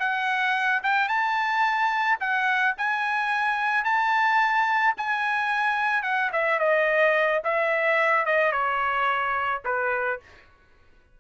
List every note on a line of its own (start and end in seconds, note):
0.00 0.83 F#5
0.84 1.08 G5
1.08 2.18 A5
2.20 2.75 F#5
2.78 3.85 G#5
3.85 4.95 A5
4.97 6.03 G#5
6.03 6.31 F#5
6.33 6.60 E5
6.60 7.42 D#5
7.44 8.26 E5
8.26 8.52 D#5
8.52 9.62 C#5
9.65 10.20 B4